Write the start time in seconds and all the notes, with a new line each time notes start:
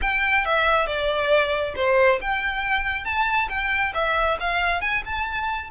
0.01 G5
0.45 E5
0.87 D5
1.75 C5
2.21 G5
3.04 A5
3.49 G5
3.93 E5
4.40 F5
4.81 G#5
5.04 A5